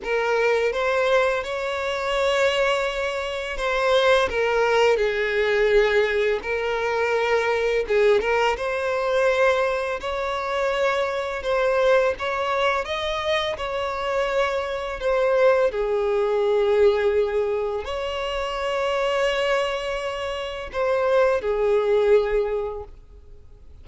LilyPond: \new Staff \with { instrumentName = "violin" } { \time 4/4 \tempo 4 = 84 ais'4 c''4 cis''2~ | cis''4 c''4 ais'4 gis'4~ | gis'4 ais'2 gis'8 ais'8 | c''2 cis''2 |
c''4 cis''4 dis''4 cis''4~ | cis''4 c''4 gis'2~ | gis'4 cis''2.~ | cis''4 c''4 gis'2 | }